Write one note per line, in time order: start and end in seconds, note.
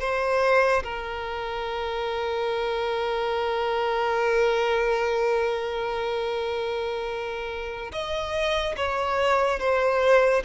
0.00 0.83 C5
0.84 7.92 A#4
7.92 8.76 D#5
8.77 9.60 C#5
9.60 10.43 C5